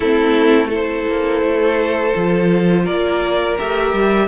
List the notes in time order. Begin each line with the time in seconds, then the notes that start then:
0.00 A3 C4 E4 A4
0.68 E4 A4 C5
1.07 A#3
1.42 A3
2.14 F3 F4
2.83 A#3 A#4 D5
3.57 A3 G4 E5
3.93 G3